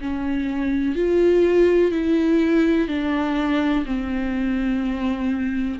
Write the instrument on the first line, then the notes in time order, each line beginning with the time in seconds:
viola
0.00 C#4
0.95 F4
1.91 E4
2.88 D4
3.85 C4